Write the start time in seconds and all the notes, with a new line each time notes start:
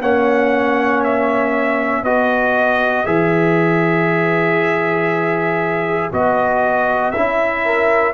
0.00 A#3 C#4 C#5 F#5
1.03 E5
2.02 B3 F#4 B4 D#5
3.05 E3 G#4 E5
6.11 B3 F#4 D#5
7.11 C#4 E4 E5
7.64 A#4